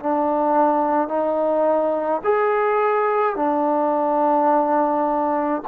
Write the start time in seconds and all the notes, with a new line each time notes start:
0.00 D4
1.09 D#4
2.24 G#4
3.36 D4